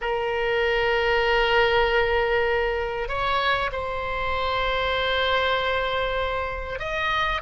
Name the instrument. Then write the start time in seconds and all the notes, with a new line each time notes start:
oboe
0.01 A#4
3.08 C#5
3.71 C5
6.79 D#5